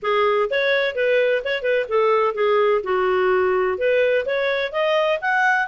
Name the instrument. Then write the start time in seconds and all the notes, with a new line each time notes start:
clarinet
0.02 G#4
0.50 C#5
0.95 B4
1.44 C#5
1.62 B4
1.88 A4
2.34 G#4
2.83 F#4
3.78 B4
4.25 C#5
4.72 D#5
5.21 F#5